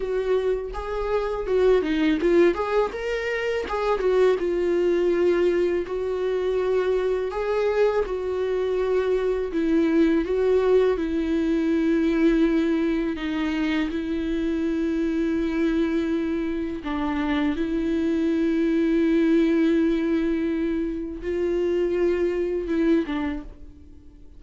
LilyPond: \new Staff \with { instrumentName = "viola" } { \time 4/4 \tempo 4 = 82 fis'4 gis'4 fis'8 dis'8 f'8 gis'8 | ais'4 gis'8 fis'8 f'2 | fis'2 gis'4 fis'4~ | fis'4 e'4 fis'4 e'4~ |
e'2 dis'4 e'4~ | e'2. d'4 | e'1~ | e'4 f'2 e'8 d'8 | }